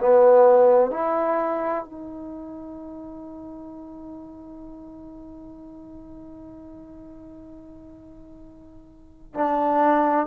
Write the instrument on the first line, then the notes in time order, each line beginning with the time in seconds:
trombone
0.00 B3
0.91 E4
1.85 D#4
9.35 D4